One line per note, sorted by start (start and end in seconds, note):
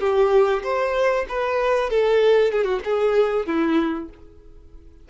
0.00 0.62 G4
0.63 1.26 C5
1.29 1.90 B4
1.90 2.52 A4
2.52 2.64 G#4
2.64 2.79 F#4
2.84 3.46 G#4
3.46 4.09 E4